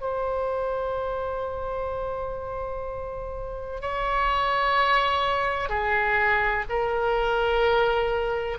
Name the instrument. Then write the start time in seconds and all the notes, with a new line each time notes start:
oboe
0.00 C5
3.81 C#5
5.69 G#4
6.69 A#4